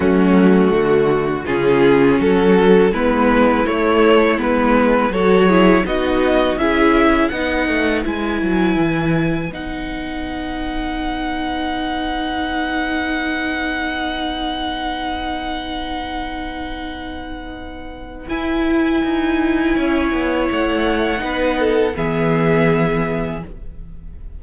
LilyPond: <<
  \new Staff \with { instrumentName = "violin" } { \time 4/4 \tempo 4 = 82 fis'2 gis'4 a'4 | b'4 cis''4 b'4 cis''4 | dis''4 e''4 fis''4 gis''4~ | gis''4 fis''2.~ |
fis''1~ | fis''1~ | fis''4 gis''2. | fis''2 e''2 | }
  \new Staff \with { instrumentName = "violin" } { \time 4/4 cis'4 fis'4 f'4 fis'4 | e'2. a'8 gis'8 | fis'4 gis'4 b'2~ | b'1~ |
b'1~ | b'1~ | b'2. cis''4~ | cis''4 b'8 a'8 gis'2 | }
  \new Staff \with { instrumentName = "viola" } { \time 4/4 a2 cis'2 | b4 a4 b4 fis'8 e'8 | dis'4 e'4 dis'4 e'4~ | e'4 dis'2.~ |
dis'1~ | dis'1~ | dis'4 e'2.~ | e'4 dis'4 b2 | }
  \new Staff \with { instrumentName = "cello" } { \time 4/4 fis4 d4 cis4 fis4 | gis4 a4 gis4 fis4 | b4 cis'4 b8 a8 gis8 fis8 | e4 b2.~ |
b1~ | b1~ | b4 e'4 dis'4 cis'8 b8 | a4 b4 e2 | }
>>